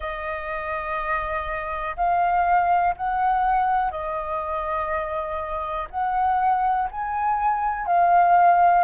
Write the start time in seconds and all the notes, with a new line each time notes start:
0.00 D#5
1.96 F5
2.96 F#5
3.91 D#5
5.90 F#5
6.91 G#5
7.86 F5